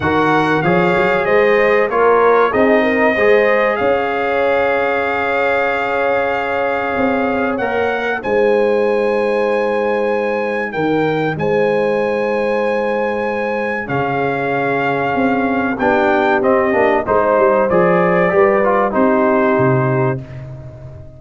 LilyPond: <<
  \new Staff \with { instrumentName = "trumpet" } { \time 4/4 \tempo 4 = 95 fis''4 f''4 dis''4 cis''4 | dis''2 f''2~ | f''1 | fis''4 gis''2.~ |
gis''4 g''4 gis''2~ | gis''2 f''2~ | f''4 g''4 dis''4 c''4 | d''2 c''2 | }
  \new Staff \with { instrumentName = "horn" } { \time 4/4 ais'4 cis''4 c''4 ais'4 | gis'8 ais'8 c''4 cis''2~ | cis''1~ | cis''4 c''2.~ |
c''4 ais'4 c''2~ | c''2 gis'2~ | gis'4 g'2 c''4~ | c''4 b'4 g'2 | }
  \new Staff \with { instrumentName = "trombone" } { \time 4/4 fis'4 gis'2 f'4 | dis'4 gis'2.~ | gis'1 | ais'4 dis'2.~ |
dis'1~ | dis'2 cis'2~ | cis'4 d'4 c'8 d'8 dis'4 | gis'4 g'8 f'8 dis'2 | }
  \new Staff \with { instrumentName = "tuba" } { \time 4/4 dis4 f8 fis8 gis4 ais4 | c'4 gis4 cis'2~ | cis'2. c'4 | ais4 gis2.~ |
gis4 dis4 gis2~ | gis2 cis2 | c'4 b4 c'8 ais8 gis8 g8 | f4 g4 c'4 c4 | }
>>